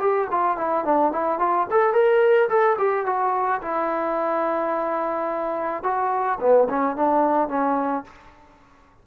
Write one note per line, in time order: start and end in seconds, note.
0.00 0.28 G4
0.31 0.58 F4
0.58 0.85 E4
0.85 1.12 D4
1.12 1.39 E4
1.39 1.67 F4
1.71 1.94 A4
1.94 2.49 A#4
2.49 2.77 A4
2.79 3.06 G4
3.06 3.62 F#4
3.62 5.84 E4
5.84 6.39 F#4
6.40 6.68 B3
6.69 6.96 C#4
6.96 7.49 D4
7.49 8.05 C#4